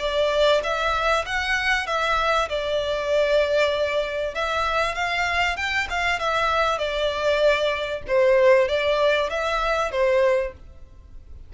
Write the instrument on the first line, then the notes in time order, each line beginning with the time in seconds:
violin
0.00 D5
0.64 E5
1.26 F#5
1.87 E5
2.50 D5
4.35 E5
4.95 F5
5.57 G5
5.90 F5
6.20 E5
6.79 D5
8.08 C5
8.69 D5
9.30 E5
9.92 C5